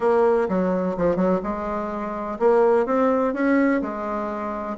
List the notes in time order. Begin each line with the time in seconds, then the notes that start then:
0.00 A#3
0.48 F#3
0.97 F3
1.16 F#3
1.43 G#3
2.39 A#3
2.85 C4
3.33 C#4
3.81 G#3